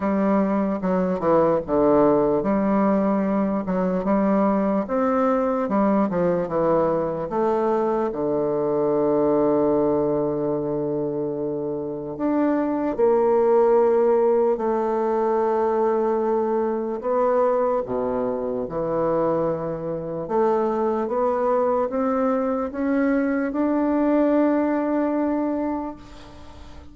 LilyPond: \new Staff \with { instrumentName = "bassoon" } { \time 4/4 \tempo 4 = 74 g4 fis8 e8 d4 g4~ | g8 fis8 g4 c'4 g8 f8 | e4 a4 d2~ | d2. d'4 |
ais2 a2~ | a4 b4 b,4 e4~ | e4 a4 b4 c'4 | cis'4 d'2. | }